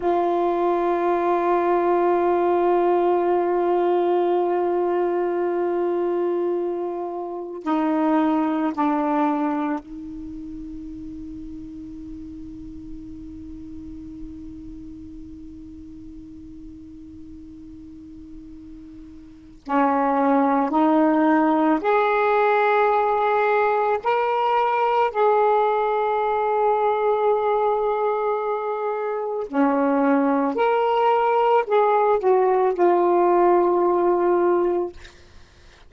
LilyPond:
\new Staff \with { instrumentName = "saxophone" } { \time 4/4 \tempo 4 = 55 f'1~ | f'2. dis'4 | d'4 dis'2.~ | dis'1~ |
dis'2 cis'4 dis'4 | gis'2 ais'4 gis'4~ | gis'2. cis'4 | ais'4 gis'8 fis'8 f'2 | }